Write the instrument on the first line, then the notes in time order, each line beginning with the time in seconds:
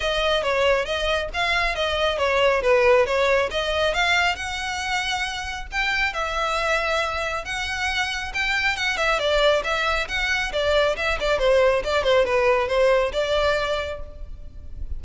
violin
0.00 D#5
0.42 C#5
0.85 D#5
1.33 F5
1.75 D#5
2.18 C#5
2.62 B4
3.06 C#5
3.51 D#5
3.94 F5
4.35 F#5
5.71 G5
6.13 E5
7.44 F#5
8.34 G5
8.76 F#5
8.97 E5
9.19 D5
9.63 E5
10.08 F#5
10.52 D5
10.96 E5
11.20 D5
11.39 C5
11.84 D5
12.03 C5
12.25 B4
12.68 C5
13.12 D5